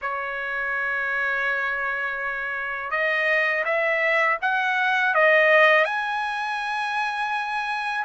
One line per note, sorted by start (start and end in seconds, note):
0.01 2.90 C#5
2.90 3.64 D#5
3.65 4.38 E5
4.41 5.14 F#5
5.14 5.84 D#5
5.84 8.04 G#5